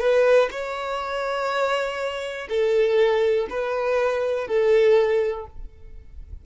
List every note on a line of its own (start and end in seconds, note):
0.00 0.49 B4
0.51 2.48 C#5
2.49 3.48 A4
3.50 4.48 B4
4.48 5.46 A4